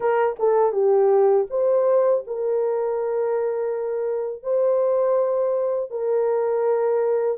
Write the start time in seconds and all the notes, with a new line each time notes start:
0.00 A#4
0.39 A4
0.72 G4
1.50 C5
2.26 A#4
4.42 C5
5.90 A#4